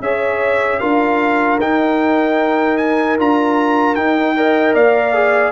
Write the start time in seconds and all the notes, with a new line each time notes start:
0.00 C#4 G#4 C#5 E5
0.79 D4 F4 A#4 F5
1.61 D#4 G5
2.77 G#5
3.19 D4 F4 A#5
3.95 D#4 G5
4.36 A#4 D#5
4.75 A#3 D5 F5
5.14 G#4